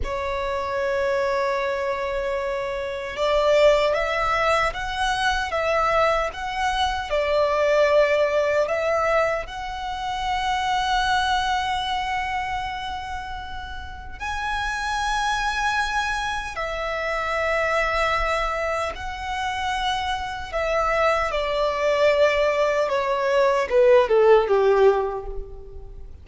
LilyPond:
\new Staff \with { instrumentName = "violin" } { \time 4/4 \tempo 4 = 76 cis''1 | d''4 e''4 fis''4 e''4 | fis''4 d''2 e''4 | fis''1~ |
fis''2 gis''2~ | gis''4 e''2. | fis''2 e''4 d''4~ | d''4 cis''4 b'8 a'8 g'4 | }